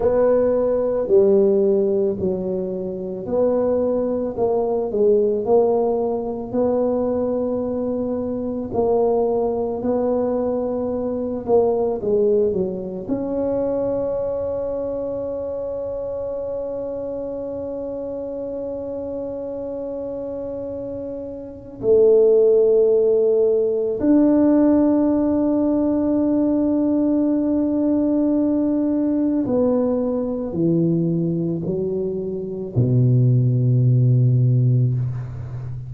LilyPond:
\new Staff \with { instrumentName = "tuba" } { \time 4/4 \tempo 4 = 55 b4 g4 fis4 b4 | ais8 gis8 ais4 b2 | ais4 b4. ais8 gis8 fis8 | cis'1~ |
cis'1 | a2 d'2~ | d'2. b4 | e4 fis4 b,2 | }